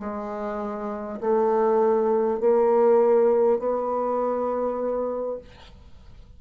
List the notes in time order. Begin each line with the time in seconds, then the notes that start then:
0.00 G#3
1.21 A3
2.40 A#3
3.59 B3